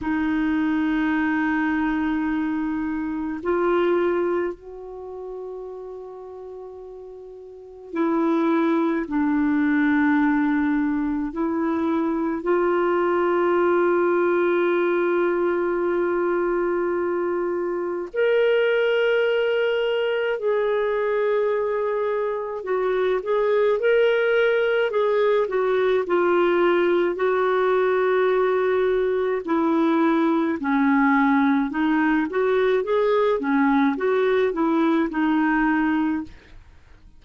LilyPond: \new Staff \with { instrumentName = "clarinet" } { \time 4/4 \tempo 4 = 53 dis'2. f'4 | fis'2. e'4 | d'2 e'4 f'4~ | f'1 |
ais'2 gis'2 | fis'8 gis'8 ais'4 gis'8 fis'8 f'4 | fis'2 e'4 cis'4 | dis'8 fis'8 gis'8 cis'8 fis'8 e'8 dis'4 | }